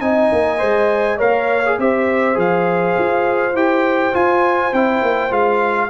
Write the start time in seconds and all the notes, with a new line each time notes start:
0.00 C4 D#4 D#5 G#5
0.31 A#3
0.58 G#3 C5
1.17 A#3 A#4 C#5 F5
1.65 G#4
1.78 C4 G4 C5 E5
2.34 F3 G#4 F5
2.98 F4
3.53 E4 G4 G5
4.12 F4 G#5
4.72 C4 E4 G5
5.02 A#3
5.30 G#3 F4 F5